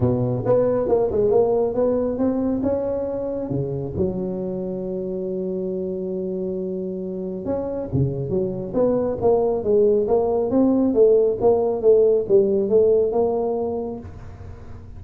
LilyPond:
\new Staff \with { instrumentName = "tuba" } { \time 4/4 \tempo 4 = 137 b,4 b4 ais8 gis8 ais4 | b4 c'4 cis'2 | cis4 fis2.~ | fis1~ |
fis4 cis'4 cis4 fis4 | b4 ais4 gis4 ais4 | c'4 a4 ais4 a4 | g4 a4 ais2 | }